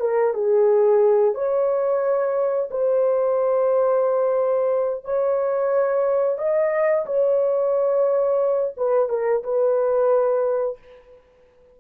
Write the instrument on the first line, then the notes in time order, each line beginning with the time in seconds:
horn
0.00 A#4
0.34 G#4
1.35 C#5
2.71 C5
5.04 C#5
6.38 D#5
7.06 C#5
8.77 B4
9.09 A#4
9.44 B4